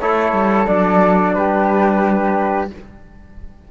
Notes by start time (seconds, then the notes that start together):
0.00 A3 E4 A4 C#5
0.32 G3
0.66 F#3 D4 D5
1.34 G3 G4 B4